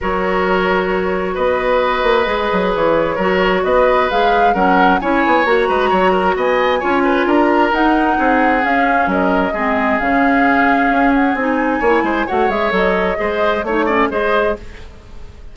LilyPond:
<<
  \new Staff \with { instrumentName = "flute" } { \time 4/4 \tempo 4 = 132 cis''2. dis''4~ | dis''2 cis''2 | dis''4 f''4 fis''4 gis''4 | ais''2 gis''2 |
ais''4 fis''2 f''4 | dis''2 f''2~ | f''8 fis''8 gis''2 fis''8 e''8 | dis''2 cis''4 dis''4 | }
  \new Staff \with { instrumentName = "oboe" } { \time 4/4 ais'2. b'4~ | b'2. ais'4 | b'2 ais'4 cis''4~ | cis''8 b'8 cis''8 ais'8 dis''4 cis''8 b'8 |
ais'2 gis'2 | ais'4 gis'2.~ | gis'2 cis''8 c''8 cis''4~ | cis''4 c''4 cis''8 d''8 c''4 | }
  \new Staff \with { instrumentName = "clarinet" } { \time 4/4 fis'1~ | fis'4 gis'2 fis'4~ | fis'4 gis'4 cis'4 e'4 | fis'2. f'4~ |
f'4 dis'2 cis'4~ | cis'4 c'4 cis'2~ | cis'4 dis'4 e'4 fis'8 gis'8 | a'4 gis'4 dis'8 cis'8 gis'4 | }
  \new Staff \with { instrumentName = "bassoon" } { \time 4/4 fis2. b4~ | b8 ais8 gis8 fis8 e4 fis4 | b4 gis4 fis4 cis'8 b8 | ais8 gis8 fis4 b4 cis'4 |
d'4 dis'4 c'4 cis'4 | fis4 gis4 cis2 | cis'4 c'4 ais8 gis8 a8 gis8 | fis4 gis4 a4 gis4 | }
>>